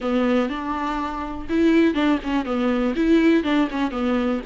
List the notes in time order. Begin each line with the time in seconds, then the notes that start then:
0.00 B3
0.49 D4
1.49 E4
1.94 D4
2.23 C#4
2.45 B3
2.95 E4
3.43 D4
3.70 C#4
3.91 B3